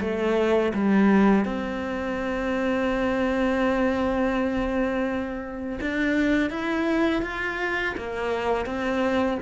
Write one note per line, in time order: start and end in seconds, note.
0.00 0.72 A3
0.73 1.45 G3
1.45 5.78 C4
5.81 6.50 D4
6.50 7.22 E4
7.22 7.94 F4
7.97 8.65 A#3
8.65 9.38 C4